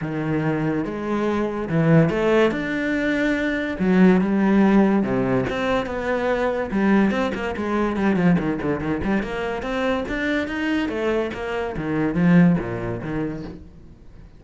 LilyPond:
\new Staff \with { instrumentName = "cello" } { \time 4/4 \tempo 4 = 143 dis2 gis2 | e4 a4 d'2~ | d'4 fis4 g2 | c4 c'4 b2 |
g4 c'8 ais8 gis4 g8 f8 | dis8 d8 dis8 g8 ais4 c'4 | d'4 dis'4 a4 ais4 | dis4 f4 ais,4 dis4 | }